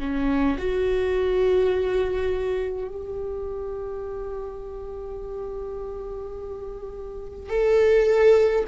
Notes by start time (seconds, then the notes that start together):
0.00 C#4
0.59 F#4
2.88 G4
7.49 A4